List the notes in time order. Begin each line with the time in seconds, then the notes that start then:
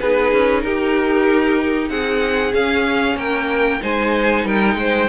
0.00 B3 D#4 G#4 B4
0.33 C#4
0.61 D#4 G4 A#4
1.89 C4 G#4 F#5
2.53 C#4 F5
3.16 A#3 A#4 G5
3.81 G#3 D#4 C5 G#5
4.45 G3 A#4 G5
4.75 G#3 C5